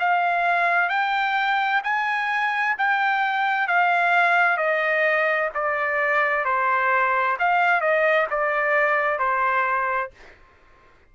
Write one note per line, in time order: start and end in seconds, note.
0.00 0.89 F5
0.89 1.82 G5
1.84 2.76 G#5
2.79 3.68 G5
3.68 4.57 F5
4.57 5.50 D#5
5.55 6.45 D5
6.45 7.38 C5
7.40 7.81 F5
7.81 8.27 D#5
8.31 9.19 D5
9.19 10.11 C5